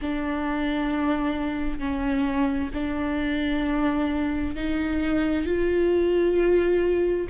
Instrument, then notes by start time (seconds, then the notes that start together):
viola
0.01 D4
1.79 C#4
2.73 D4
4.55 D#4
5.45 F4